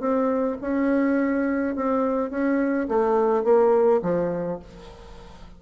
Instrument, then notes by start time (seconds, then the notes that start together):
bassoon
0.00 C4
0.61 C#4
1.76 C4
2.30 C#4
2.88 A3
3.44 A#3
4.02 F3